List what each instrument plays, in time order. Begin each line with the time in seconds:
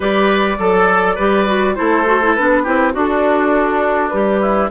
0.00 bassoon G3, clarinet G4, oboe B4, flute D5
0.58 bassoon F#3, oboe A4, clarinet A4
1.15 bassoon G3, clarinet G4, oboe B4
1.46 clarinet F#4
1.75 bassoon A3, clarinet E4, oboe A4, flute C5
2.05 clarinet F#4
2.22 clarinet E4
2.34 bassoon B3, clarinet D4, flute B4
2.63 bassoon C4, clarinet E4, oboe G4
2.92 oboe D4, bassoon D4, clarinet F#4, flute A4
4.09 bassoon G3, clarinet G4, flute B4
4.41 oboe E4